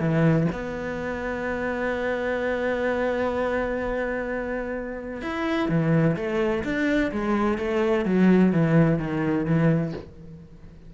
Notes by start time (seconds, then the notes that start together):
0.00 E3
0.52 B3
5.22 E4
5.69 E3
6.17 A3
6.64 D4
7.12 G#3
7.58 A3
8.06 F#3
8.53 E3
8.99 D#3
9.46 E3